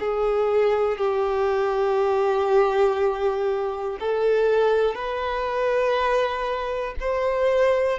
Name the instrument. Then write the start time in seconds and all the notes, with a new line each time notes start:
violin
0.00 G#4
0.98 G4
4.00 A4
4.95 B4
7.00 C5